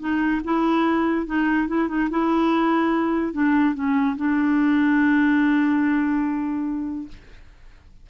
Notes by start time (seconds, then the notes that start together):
0.00 D#4
0.45 E4
1.27 D#4
1.68 E4
1.88 D#4
2.11 E4
3.33 D4
3.75 C#4
4.17 D4